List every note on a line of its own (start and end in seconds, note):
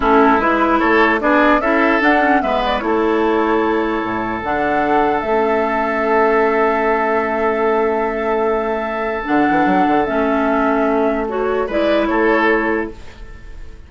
0.00 0.38 A3
0.00 0.39 C#4
0.00 0.79 E4
0.00 0.40 A4
0.38 0.78 G#3
0.38 1.20 E4
0.38 0.79 B4
0.79 1.22 A3
0.79 1.19 A4
0.79 1.19 C#5
1.20 1.59 B3
1.20 1.60 D4
1.20 1.61 G#4
1.20 1.60 D5
1.59 1.99 C#4
1.59 2.01 E4
1.59 2.41 A4
1.59 2.01 E5
2.01 2.21 D4
2.01 2.41 D4
2.01 2.42 F#5
2.21 2.41 C#4
2.41 2.82 G#3
2.41 2.80 B3
2.41 2.83 B4
2.41 2.62 E5
2.65 2.79 D5
2.79 4.02 A3
2.79 4.41 E4
2.79 4.40 C#5
2.85 11.66 A4
4.02 4.43 A2
4.43 5.22 D3
4.43 5.24 D4
4.43 5.20 F#5
5.20 9.25 A3
5.20 9.24 C#4
5.20 9.22 E5
9.24 9.48 D3
9.24 10.05 D4
9.24 10.05 F#5
9.49 9.66 E3
9.66 9.86 F#3
9.87 10.07 D3
10.05 11.68 A3
10.05 11.26 C#4
10.05 11.26 E5
11.28 11.68 F#4
11.28 11.69 C#5
11.66 12.08 G#3
11.66 12.91 E4
11.66 12.07 B4
11.66 12.06 D5
12.06 12.88 A3
12.06 12.90 A4
12.06 12.87 C#5